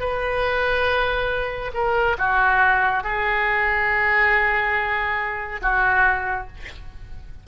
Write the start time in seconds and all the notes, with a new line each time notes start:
0.00 B4
1.74 A#4
2.18 F#4
3.04 G#4
5.62 F#4